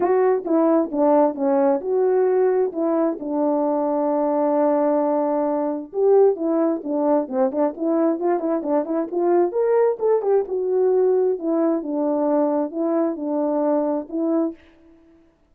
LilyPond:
\new Staff \with { instrumentName = "horn" } { \time 4/4 \tempo 4 = 132 fis'4 e'4 d'4 cis'4 | fis'2 e'4 d'4~ | d'1~ | d'4 g'4 e'4 d'4 |
c'8 d'8 e'4 f'8 e'8 d'8 e'8 | f'4 ais'4 a'8 g'8 fis'4~ | fis'4 e'4 d'2 | e'4 d'2 e'4 | }